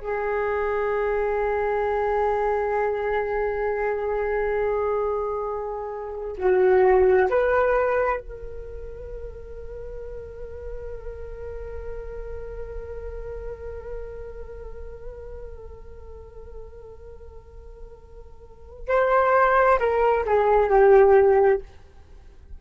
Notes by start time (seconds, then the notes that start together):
0.00 G#4
6.38 F#4
7.30 B4
8.21 A#4
18.88 C5
19.80 A#4
20.26 G#4
20.70 G4